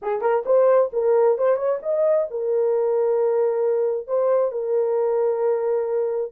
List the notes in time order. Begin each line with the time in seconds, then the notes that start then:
0.01 G#4
0.21 A#4
0.45 C5
0.92 A#4
1.38 C5
1.56 C#5
1.82 D#5
2.30 A#4
4.07 C5
4.51 A#4